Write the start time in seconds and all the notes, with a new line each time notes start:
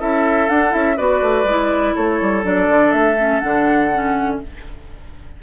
0.00 C#4 E4 A4 E5
0.49 D4 F#5
0.70 C#4 E4 E5
0.97 B3 F#4 B4 D5
1.22 A3
1.44 G#3 E4
1.95 A3 A4 C#5
2.22 G3
2.43 F#3 D4 D5
2.69 D3
2.92 A3 E5
3.19 C#4
3.40 D3 D4 F#5
3.94 C#4